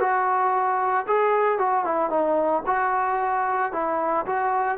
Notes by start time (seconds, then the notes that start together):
0.00 F#4
1.07 G#4
1.58 F#4
1.85 E4
2.10 D#4
2.66 F#4
3.72 E4
4.26 F#4